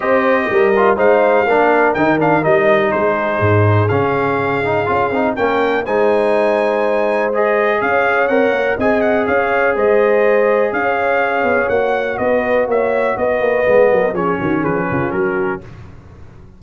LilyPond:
<<
  \new Staff \with { instrumentName = "trumpet" } { \time 4/4 \tempo 4 = 123 dis''2 f''2 | g''8 f''8 dis''4 c''2 | f''2. g''4 | gis''2. dis''4 |
f''4 fis''4 gis''8 fis''8 f''4 | dis''2 f''2 | fis''4 dis''4 e''4 dis''4~ | dis''4 cis''4 b'4 ais'4 | }
  \new Staff \with { instrumentName = "horn" } { \time 4/4 c''4 ais'4 c''4 ais'4~ | ais'2 gis'2~ | gis'2. ais'4 | c''1 |
cis''2 dis''4 cis''4 | c''2 cis''2~ | cis''4 b'4 cis''4 b'4~ | b'8 ais'8 gis'8 fis'8 gis'8 f'8 fis'4 | }
  \new Staff \with { instrumentName = "trombone" } { \time 4/4 g'4. f'8 dis'4 d'4 | dis'8 d'8 dis'2. | cis'4. dis'8 f'8 dis'8 cis'4 | dis'2. gis'4~ |
gis'4 ais'4 gis'2~ | gis'1 | fis'1 | b4 cis'2. | }
  \new Staff \with { instrumentName = "tuba" } { \time 4/4 c'4 g4 gis4 ais4 | dis4 g4 gis4 gis,4 | cis2 cis'8 c'8 ais4 | gis1 |
cis'4 c'8 ais8 c'4 cis'4 | gis2 cis'4. b8 | ais4 b4 ais4 b8 ais8 | gis8 fis8 f8 dis8 f8 cis8 fis4 | }
>>